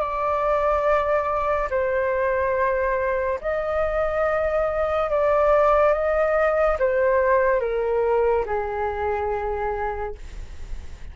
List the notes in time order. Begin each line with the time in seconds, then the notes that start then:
0.00 D5
1.71 C5
3.41 D#5
5.10 D5
5.93 D#5
6.79 C5
7.61 A#4
8.46 G#4